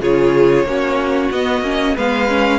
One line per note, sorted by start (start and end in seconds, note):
0.00 0.64 C#3
0.00 0.66 F4
0.00 0.66 G#4
0.00 1.31 C#5
0.64 1.29 A#3
0.64 1.32 C#4
0.64 1.95 F#4
1.31 1.61 B3
1.31 1.63 B3
1.31 1.97 D#5
1.61 1.93 A#3
1.61 1.96 C#4
1.95 2.59 G#3
1.95 2.28 B3
1.95 2.59 B4
1.95 2.59 F5
2.28 2.59 C#4